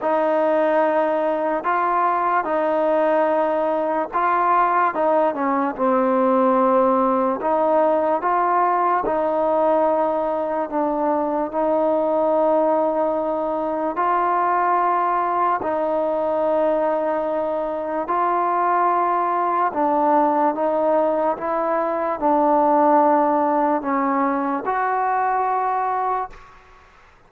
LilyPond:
\new Staff \with { instrumentName = "trombone" } { \time 4/4 \tempo 4 = 73 dis'2 f'4 dis'4~ | dis'4 f'4 dis'8 cis'8 c'4~ | c'4 dis'4 f'4 dis'4~ | dis'4 d'4 dis'2~ |
dis'4 f'2 dis'4~ | dis'2 f'2 | d'4 dis'4 e'4 d'4~ | d'4 cis'4 fis'2 | }